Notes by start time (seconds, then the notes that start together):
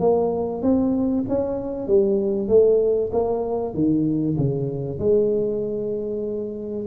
0.00 A#3
0.62 C4
1.29 C#4
1.88 G3
2.49 A3
3.13 A#3
3.74 D#3
4.38 C#3
4.99 G#3